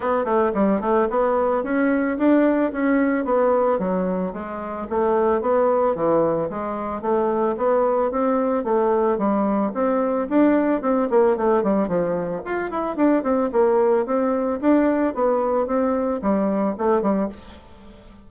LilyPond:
\new Staff \with { instrumentName = "bassoon" } { \time 4/4 \tempo 4 = 111 b8 a8 g8 a8 b4 cis'4 | d'4 cis'4 b4 fis4 | gis4 a4 b4 e4 | gis4 a4 b4 c'4 |
a4 g4 c'4 d'4 | c'8 ais8 a8 g8 f4 f'8 e'8 | d'8 c'8 ais4 c'4 d'4 | b4 c'4 g4 a8 g8 | }